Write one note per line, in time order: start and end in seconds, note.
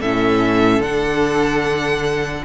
0.00 0.80 A2
0.00 0.83 C#4
0.00 2.43 A4
0.00 0.82 E5
0.80 2.42 D3
0.80 2.45 D4
0.80 2.44 F#5